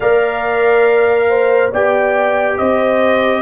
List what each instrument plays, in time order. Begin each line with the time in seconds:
0.00 tuba A#3, trombone A#4, horn D5, trumpet F5
1.29 horn C5
1.71 tuba B3, trombone G4, horn D5, trumpet G5
2.57 tuba C4, horn C5, trumpet D#5